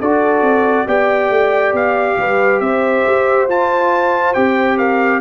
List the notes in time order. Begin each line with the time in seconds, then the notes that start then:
0.00 D4 F#4 A4 D5
0.41 C4
0.86 B3 G4 D5 G5
1.30 A3
1.73 B3 F5
2.18 G3 B4
2.61 C4 C5 E5
3.06 G4
3.48 F4 A5
4.34 C4 G4 G5
4.78 A#4 F5